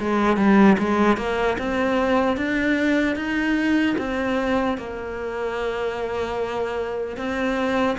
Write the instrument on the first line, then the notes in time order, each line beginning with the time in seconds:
cello
0.00 G#3
0.37 G3
0.79 G#3
1.18 A#3
1.59 C4
2.37 D4
3.17 D#4
3.99 C4
4.78 A#3
7.17 C4